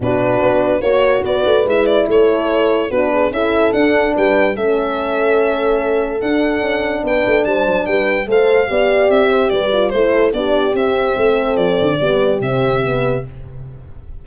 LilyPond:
<<
  \new Staff \with { instrumentName = "violin" } { \time 4/4 \tempo 4 = 145 b'2 cis''4 d''4 | e''8 d''8 cis''2 b'4 | e''4 fis''4 g''4 e''4~ | e''2. fis''4~ |
fis''4 g''4 a''4 g''4 | f''2 e''4 d''4 | c''4 d''4 e''2 | d''2 e''2 | }
  \new Staff \with { instrumentName = "horn" } { \time 4/4 fis'2 cis''4 b'4~ | b'4 a'2 fis'8 gis'8 | a'2 b'4 a'4~ | a'1~ |
a'4 b'4 c''4 b'4 | c''4 d''4. c''8 b'4 | a'4 g'2 a'4~ | a'4 g'2. | }
  \new Staff \with { instrumentName = "horn" } { \time 4/4 d'2 fis'2 | e'2. d'4 | e'4 d'2 cis'4~ | cis'2. d'4~ |
d'1 | a'4 g'2~ g'8 f'8 | e'4 d'4 c'2~ | c'4 b4 c'4 b4 | }
  \new Staff \with { instrumentName = "tuba" } { \time 4/4 b,4 b4 ais4 b8 a8 | gis4 a2 b4 | cis'4 d'4 g4 a4~ | a2. d'4 |
cis'4 b8 a8 g8 fis8 g4 | a4 b4 c'4 g4 | a4 b4 c'4 a4 | f8 d8 g4 c2 | }
>>